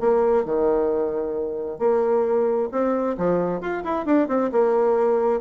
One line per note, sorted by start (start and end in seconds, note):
0.00 0.45 A#3
0.45 1.79 D#3
1.79 2.69 A#3
2.71 3.17 C4
3.18 3.61 F3
3.61 3.84 F4
3.84 4.06 E4
4.06 4.28 D4
4.28 4.51 C4
4.52 5.41 A#3